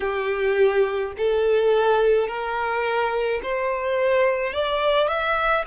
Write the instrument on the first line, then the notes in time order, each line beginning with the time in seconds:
violin
0.00 G4
1.17 A4
2.27 A#4
3.43 C5
4.53 D5
5.08 E5